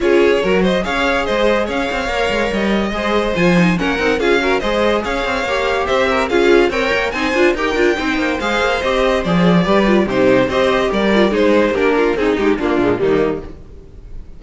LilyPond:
<<
  \new Staff \with { instrumentName = "violin" } { \time 4/4 \tempo 4 = 143 cis''4. dis''8 f''4 dis''4 | f''2 dis''2 | gis''4 fis''4 f''4 dis''4 | f''2 e''4 f''4 |
g''4 gis''4 g''2 | f''4 dis''4 d''2 | c''4 dis''4 d''4 c''4 | ais'4 gis'8 g'8 f'4 dis'4 | }
  \new Staff \with { instrumentName = "violin" } { \time 4/4 gis'4 ais'8 c''8 cis''4 c''4 | cis''2. c''4~ | c''4 ais'4 gis'8 ais'8 c''4 | cis''2 c''8 ais'8 gis'4 |
cis''4 c''4 ais'4 c''4~ | c''2. b'4 | g'4 c''4 ais'4 gis'4 | g'8 f'8 dis'4 d'4 ais4 | }
  \new Staff \with { instrumentName = "viola" } { \time 4/4 f'4 fis'4 gis'2~ | gis'4 ais'2 gis'4 | f'8 dis'8 cis'8 dis'8 f'8 fis'8 gis'4~ | gis'4 g'2 f'4 |
ais'4 dis'8 f'8 g'8 f'8 dis'4 | gis'4 g'4 gis'4 g'8 f'8 | dis'4 g'4. f'8 dis'4 | d'4 dis'4 ais8 gis8 g4 | }
  \new Staff \with { instrumentName = "cello" } { \time 4/4 cis'4 fis4 cis'4 gis4 | cis'8 c'8 ais8 gis8 g4 gis4 | f4 ais8 c'8 cis'4 gis4 | cis'8 c'8 ais4 c'4 cis'4 |
c'8 ais8 c'8 d'8 dis'8 d'8 c'8 ais8 | gis8 ais8 c'4 f4 g4 | c4 c'4 g4 gis4 | ais4 c'8 gis8 ais8 ais,8 dis4 | }
>>